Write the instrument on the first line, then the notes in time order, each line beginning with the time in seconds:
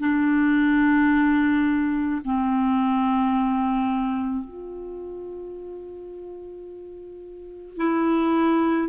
clarinet
0.00 D4
2.25 C4
4.45 F4
7.77 E4